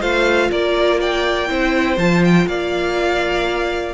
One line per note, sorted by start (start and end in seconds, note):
0.00 0.50 A3
0.00 1.48 F4
0.00 0.49 C5
0.00 0.51 F5
0.51 1.50 A#3
0.51 1.00 A#4
0.51 1.00 D5
1.00 1.49 D5
1.00 1.98 G5
1.48 1.97 C4
1.48 1.97 E4
1.48 2.47 C5
1.97 2.46 F3
1.97 3.94 F4
1.97 2.23 A5
2.24 2.47 G5
2.47 3.94 A#3
2.47 3.94 D5
2.47 3.94 F5